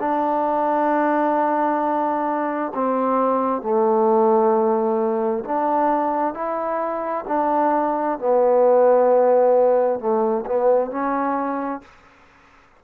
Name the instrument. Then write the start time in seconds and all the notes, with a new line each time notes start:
trombone
0.00 D4
2.75 C4
3.62 A3
5.45 D4
6.34 E4
7.28 D4
8.19 B3
10.00 A3
10.46 B3
10.91 C#4